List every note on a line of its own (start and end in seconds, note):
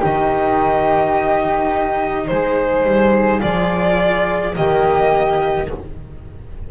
0.00 2.31 D#3
0.00 3.40 D#4
0.00 2.26 G4
0.00 2.27 D#5
2.27 2.85 G#3
2.27 4.57 G#4
2.27 3.41 C5
2.85 3.42 G3
3.40 4.57 F3
3.40 4.53 F4
3.40 4.55 D5
4.54 5.71 D#3
4.54 5.67 A#3
4.54 5.70 G4
4.54 5.70 D#5